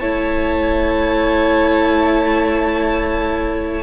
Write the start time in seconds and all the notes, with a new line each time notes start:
0.00 A3 E4 C#5 A5